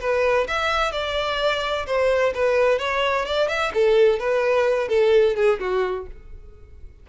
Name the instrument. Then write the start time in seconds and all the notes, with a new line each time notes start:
violin
0.00 B4
0.48 E5
0.92 D5
1.86 C5
2.34 B4
2.78 C#5
3.25 D5
3.48 E5
3.74 A4
4.19 B4
4.88 A4
5.35 G#4
5.59 F#4